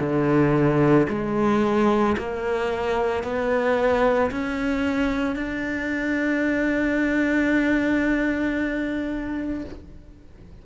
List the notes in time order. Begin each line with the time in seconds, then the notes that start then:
0.00 D3
1.09 G#3
2.18 A#3
3.24 B3
4.31 C#4
5.36 D4